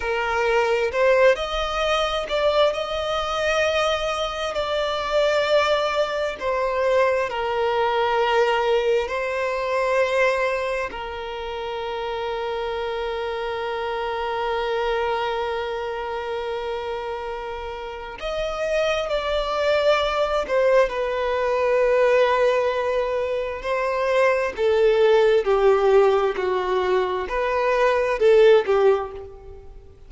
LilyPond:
\new Staff \with { instrumentName = "violin" } { \time 4/4 \tempo 4 = 66 ais'4 c''8 dis''4 d''8 dis''4~ | dis''4 d''2 c''4 | ais'2 c''2 | ais'1~ |
ais'1 | dis''4 d''4. c''8 b'4~ | b'2 c''4 a'4 | g'4 fis'4 b'4 a'8 g'8 | }